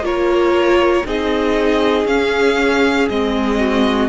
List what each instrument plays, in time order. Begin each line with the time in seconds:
0.00 cello A#3, viola F4, violin A#4 C#5
1.05 cello C4, viola D#4, violin G#4 D#5
2.04 cello C#4, viola C#4, violin F5
3.08 cello G#3, viola C4, violin D#5
3.59 violin F#4